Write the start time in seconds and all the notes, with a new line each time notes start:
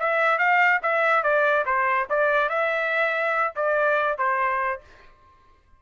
0.00 E5
0.39 F5
0.83 E5
1.23 D5
1.66 C5
2.10 D5
2.49 E5
3.56 D5
4.18 C5